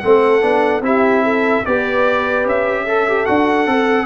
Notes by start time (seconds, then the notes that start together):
0.00 A3 C4 A4 F#5
0.41 B3 D4
0.81 C4 E4 G4 E5
1.23 A4
1.65 B3 G4 B4 D5
2.46 C#4 E5
2.84 A4
3.08 G4
3.26 D4 F#4 F#5
3.66 C4 A4